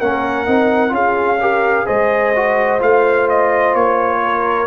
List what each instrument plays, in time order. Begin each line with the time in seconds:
0.00 tuba A#3, trombone C#4, horn A#4, trumpet F#5
0.46 tuba C4, trombone D#4
0.89 tuba C#4, trombone F4, horn G#4, trumpet F5
1.41 trombone G4, horn A#4
1.86 tuba G#3, trombone G#4, horn C5, trumpet D#5
2.35 trombone F#4
2.79 tuba A3, trombone F4, trumpet F5
3.29 trumpet D#5
3.75 tuba A#3, trumpet C#5
4.24 horn A#4